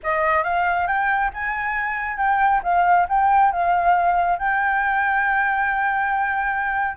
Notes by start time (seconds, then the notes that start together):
0.03 D#5
0.43 F5
0.87 G5
1.33 G#5
2.17 G5
2.63 F5
3.08 G5
3.52 F5
4.39 G5